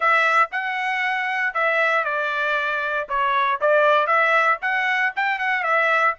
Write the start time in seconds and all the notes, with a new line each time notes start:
0.00 E5
0.51 F#5
1.53 E5
2.04 D5
3.08 C#5
3.60 D5
4.07 E5
4.61 F#5
5.15 G5
5.38 F#5
5.63 E5